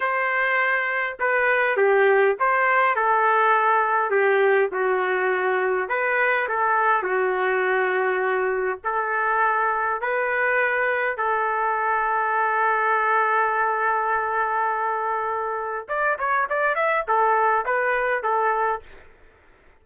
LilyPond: \new Staff \with { instrumentName = "trumpet" } { \time 4/4 \tempo 4 = 102 c''2 b'4 g'4 | c''4 a'2 g'4 | fis'2 b'4 a'4 | fis'2. a'4~ |
a'4 b'2 a'4~ | a'1~ | a'2. d''8 cis''8 | d''8 e''8 a'4 b'4 a'4 | }